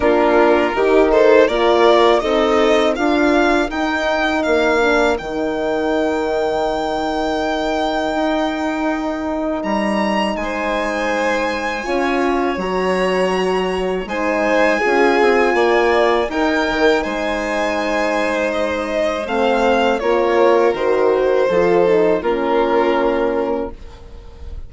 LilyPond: <<
  \new Staff \with { instrumentName = "violin" } { \time 4/4 \tempo 4 = 81 ais'4. c''8 d''4 dis''4 | f''4 g''4 f''4 g''4~ | g''1~ | g''4 ais''4 gis''2~ |
gis''4 ais''2 gis''4~ | gis''2 g''4 gis''4~ | gis''4 dis''4 f''4 cis''4 | c''2 ais'2 | }
  \new Staff \with { instrumentName = "violin" } { \time 4/4 f'4 g'8 a'8 ais'4 a'4 | ais'1~ | ais'1~ | ais'2 c''2 |
cis''2. c''4 | gis'4 d''4 ais'4 c''4~ | c''2. ais'4~ | ais'4 a'4 f'2 | }
  \new Staff \with { instrumentName = "horn" } { \time 4/4 d'4 dis'4 f'4 dis'4 | f'4 dis'4. d'8 dis'4~ | dis'1~ | dis'1 |
f'4 fis'2 dis'4 | f'2 dis'2~ | dis'2 c'4 f'4 | fis'4 f'8 dis'8 cis'2 | }
  \new Staff \with { instrumentName = "bassoon" } { \time 4/4 ais4 dis4 ais4 c'4 | d'4 dis'4 ais4 dis4~ | dis2. dis'4~ | dis'4 g4 gis2 |
cis'4 fis2 gis4 | cis'8 c'8 ais4 dis'8 dis8 gis4~ | gis2 a4 ais4 | dis4 f4 ais2 | }
>>